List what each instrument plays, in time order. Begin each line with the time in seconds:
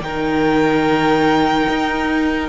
0.00 cello D#3, viola D#4, violin A#4 G5
1.68 cello D#4